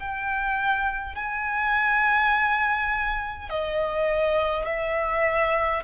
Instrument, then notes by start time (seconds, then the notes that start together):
violin
0.00 G5
1.16 G#5
3.50 D#5
4.66 E5